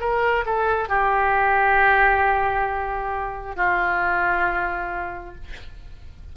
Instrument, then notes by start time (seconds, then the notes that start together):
oboe
0.00 A#4
0.46 A4
0.89 G4
3.56 F4